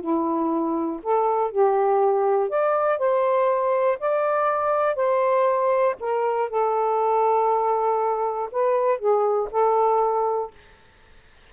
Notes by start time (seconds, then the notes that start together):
0.00 E4
1.02 A4
1.51 G4
2.49 D5
2.98 C5
3.99 D5
4.95 C5
6.00 A#4
6.49 A4
8.51 B4
8.98 G#4
9.50 A4